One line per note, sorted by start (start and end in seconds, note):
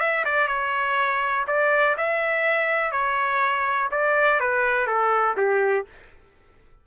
0.00 0.24 E5
0.25 0.48 D5
0.48 1.45 C#5
1.47 1.96 D5
1.97 2.92 E5
2.92 3.89 C#5
3.91 4.40 D5
4.40 4.87 B4
4.87 5.35 A4
5.37 5.86 G4